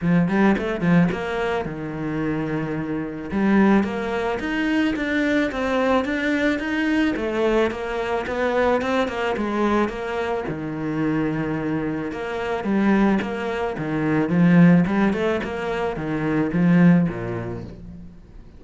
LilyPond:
\new Staff \with { instrumentName = "cello" } { \time 4/4 \tempo 4 = 109 f8 g8 a8 f8 ais4 dis4~ | dis2 g4 ais4 | dis'4 d'4 c'4 d'4 | dis'4 a4 ais4 b4 |
c'8 ais8 gis4 ais4 dis4~ | dis2 ais4 g4 | ais4 dis4 f4 g8 a8 | ais4 dis4 f4 ais,4 | }